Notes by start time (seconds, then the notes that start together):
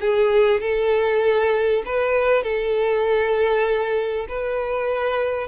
0.00 G#4
0.60 A4
1.86 B4
2.43 A4
4.28 B4